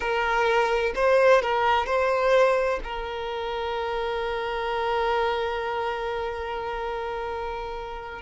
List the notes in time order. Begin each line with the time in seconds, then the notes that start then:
0.00 A#4
0.95 C5
1.41 A#4
1.85 C5
2.83 A#4